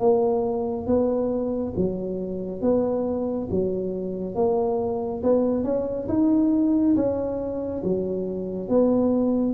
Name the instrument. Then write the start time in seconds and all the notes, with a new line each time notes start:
tuba
0.00 A#3
0.87 B3
1.76 F#3
2.61 B3
3.51 F#3
4.35 A#3
5.23 B3
5.64 C#4
6.08 D#4
6.96 C#4
7.83 F#3
8.69 B3